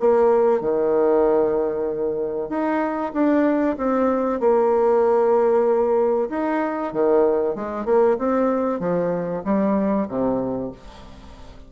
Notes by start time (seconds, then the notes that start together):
0.00 A#3
0.61 D#3
2.49 D#4
3.13 D4
3.77 C4
4.40 A#3
6.30 D#4
6.93 D#3
7.55 G#3
7.85 A#3
8.18 C4
8.79 F3
9.44 G3
10.09 C3